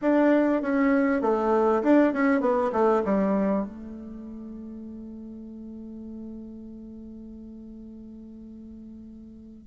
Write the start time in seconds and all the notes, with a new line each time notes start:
0.01 D4
0.62 C#4
1.21 A3
1.83 D4
2.13 C#4
2.40 B3
2.72 A3
3.04 G3
3.64 A3